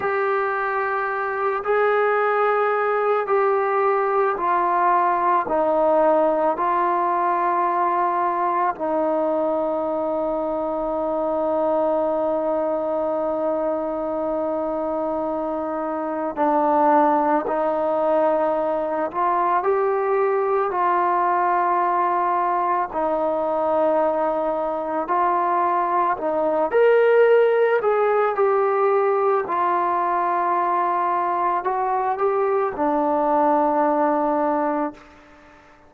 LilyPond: \new Staff \with { instrumentName = "trombone" } { \time 4/4 \tempo 4 = 55 g'4. gis'4. g'4 | f'4 dis'4 f'2 | dis'1~ | dis'2. d'4 |
dis'4. f'8 g'4 f'4~ | f'4 dis'2 f'4 | dis'8 ais'4 gis'8 g'4 f'4~ | f'4 fis'8 g'8 d'2 | }